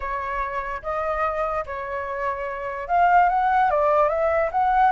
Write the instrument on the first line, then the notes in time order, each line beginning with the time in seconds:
flute
0.00 C#5
0.82 D#5
1.66 C#5
2.88 F5
3.29 F#5
3.70 D5
4.08 E5
4.51 F#5